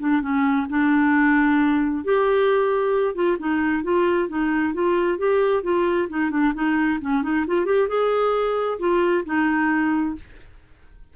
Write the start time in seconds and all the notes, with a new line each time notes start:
0.00 D4
0.22 C#4
0.70 D4
2.05 G4
3.15 F4
3.39 D#4
3.84 F4
4.29 D#4
4.74 F4
5.19 G4
5.63 F4
6.10 D#4
6.31 D4
6.55 D#4
7.02 C#4
7.23 D#4
7.48 F4
7.66 G4
7.89 G#4
8.79 F4
9.26 D#4